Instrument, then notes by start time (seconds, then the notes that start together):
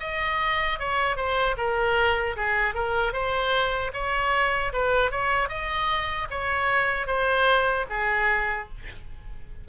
oboe
0.00 D#5
0.79 C#5
1.16 C5
1.57 A#4
2.36 G#4
2.74 A#4
3.13 C5
3.93 C#5
4.73 B4
5.11 C#5
5.49 D#5
6.30 C#5
7.07 C5
7.89 G#4